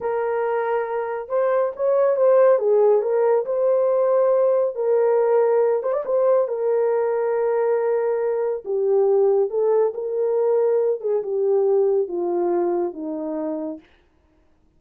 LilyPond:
\new Staff \with { instrumentName = "horn" } { \time 4/4 \tempo 4 = 139 ais'2. c''4 | cis''4 c''4 gis'4 ais'4 | c''2. ais'4~ | ais'4. c''16 d''16 c''4 ais'4~ |
ais'1 | g'2 a'4 ais'4~ | ais'4. gis'8 g'2 | f'2 dis'2 | }